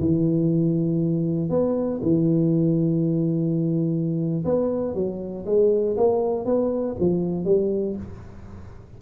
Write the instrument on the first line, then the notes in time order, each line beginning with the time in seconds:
tuba
0.00 E3
1.50 B3
2.02 E3
4.45 B3
4.94 F#3
5.46 G#3
5.97 A#3
6.45 B3
7.00 F3
7.45 G3